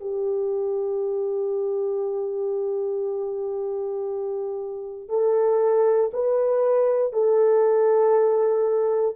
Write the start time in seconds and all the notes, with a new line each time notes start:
0.00 G4
5.08 A4
6.13 B4
7.12 A4